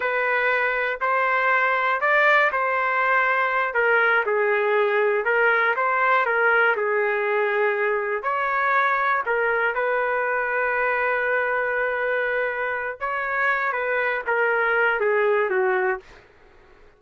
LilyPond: \new Staff \with { instrumentName = "trumpet" } { \time 4/4 \tempo 4 = 120 b'2 c''2 | d''4 c''2~ c''8 ais'8~ | ais'8 gis'2 ais'4 c''8~ | c''8 ais'4 gis'2~ gis'8~ |
gis'8 cis''2 ais'4 b'8~ | b'1~ | b'2 cis''4. b'8~ | b'8 ais'4. gis'4 fis'4 | }